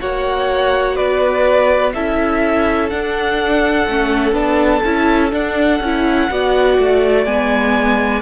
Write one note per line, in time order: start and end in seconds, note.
0.00 0.99 A#3
0.00 1.94 F#4
0.00 0.96 C#5
0.00 0.96 F#5
0.96 1.95 B3
0.96 1.93 B4
0.96 1.93 D5
1.94 2.92 C#4
1.94 2.91 E4
1.94 6.30 A4
1.94 2.90 E5
2.90 3.87 D4
2.90 4.35 F#5
3.87 4.32 A3
3.87 4.34 C#4
4.32 4.80 B3
4.32 4.82 D4
4.32 5.32 A5
4.85 5.33 C#4
4.85 5.31 E4
5.31 5.80 D4
5.31 5.81 D4
5.31 7.25 F#5
5.81 6.29 C#4
5.81 6.30 E4
6.30 6.79 B3
6.30 7.26 F#4
6.30 8.22 D5
6.79 7.26 A3
7.25 8.22 G#3
7.25 8.22 B3
7.25 8.22 G#5